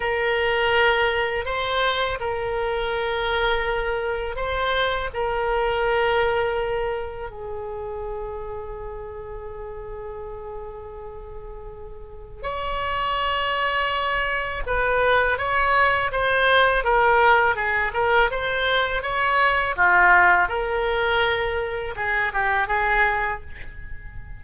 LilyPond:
\new Staff \with { instrumentName = "oboe" } { \time 4/4 \tempo 4 = 82 ais'2 c''4 ais'4~ | ais'2 c''4 ais'4~ | ais'2 gis'2~ | gis'1~ |
gis'4 cis''2. | b'4 cis''4 c''4 ais'4 | gis'8 ais'8 c''4 cis''4 f'4 | ais'2 gis'8 g'8 gis'4 | }